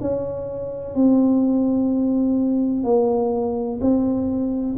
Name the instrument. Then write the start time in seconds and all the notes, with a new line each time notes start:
tuba
0.00 C#4
0.94 C4
2.84 A#3
3.81 C4